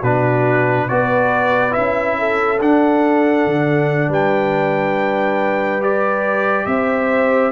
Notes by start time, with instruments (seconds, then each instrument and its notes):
0.00 tuba B2, trombone D4, horn F#4, trumpet B4
0.89 tuba B3, trombone F#4, horn B4, trumpet D5
1.72 tuba C#4, trombone E4, trumpet E5
2.19 horn A4
2.61 tuba D4, trombone D4, trumpet F#5
3.46 tuba D3
4.09 tuba G3, horn B4, trumpet G5
5.81 trombone G4, trumpet D5
6.66 tuba C4, horn C5, trumpet E5